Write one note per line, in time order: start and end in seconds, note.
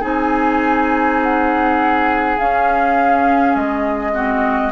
0.00 2.38 C4
0.00 2.37 D#4
0.00 4.12 G#4
0.00 1.21 G#5
1.23 2.39 F#5
2.39 3.55 C#4
2.39 4.13 C#4
2.39 3.56 F5
3.55 4.72 G#3
3.55 4.72 D#5
4.13 4.72 C4
4.13 4.72 F#4